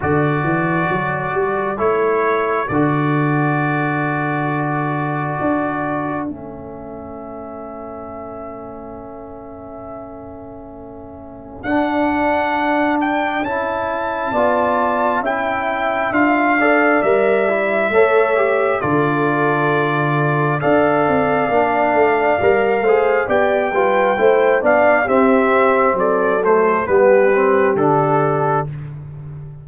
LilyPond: <<
  \new Staff \with { instrumentName = "trumpet" } { \time 4/4 \tempo 4 = 67 d''2 cis''4 d''4~ | d''2. e''4~ | e''1~ | e''4 fis''4. g''8 a''4~ |
a''4 g''4 f''4 e''4~ | e''4 d''2 f''4~ | f''2 g''4. f''8 | e''4 d''8 c''8 b'4 a'4 | }
  \new Staff \with { instrumentName = "horn" } { \time 4/4 a'1~ | a'1~ | a'1~ | a'1 |
d''4 e''4. d''4. | cis''4 a'2 d''4~ | d''4. c''8 d''8 b'8 c''8 d''8 | g'4 a'4 g'2 | }
  \new Staff \with { instrumentName = "trombone" } { \time 4/4 fis'2 e'4 fis'4~ | fis'2. cis'4~ | cis'1~ | cis'4 d'2 e'4 |
f'4 e'4 f'8 a'8 ais'8 e'8 | a'8 g'8 f'2 a'4 | d'4 ais'8 gis'8 g'8 f'8 e'8 d'8 | c'4. a8 b8 c'8 d'4 | }
  \new Staff \with { instrumentName = "tuba" } { \time 4/4 d8 e8 fis8 g8 a4 d4~ | d2 d'4 a4~ | a1~ | a4 d'2 cis'4 |
b4 cis'4 d'4 g4 | a4 d2 d'8 c'8 | ais8 a8 g8 a8 b8 g8 a8 b8 | c'4 fis4 g4 d4 | }
>>